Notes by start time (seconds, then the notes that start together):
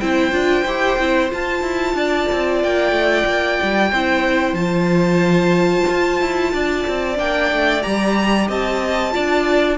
0.00 C4 E4 C5 G5
0.32 D4 F4
0.65 E4 G4
0.99 C4 E4
1.30 F4 A5
1.62 E4
1.94 D4 D5
2.32 C4
2.63 A#3 G5
2.92 A3
3.26 A#3
3.63 G3
3.92 C4 E4 C5
4.53 F3 F4 A5
5.89 F4
6.21 E4
6.53 D4 D5
6.88 C4
7.16 A#3 D4 G5
7.52 A3
7.82 G3 G4 A#5
8.48 C4 D#5 A5
9.12 D4 F4 D5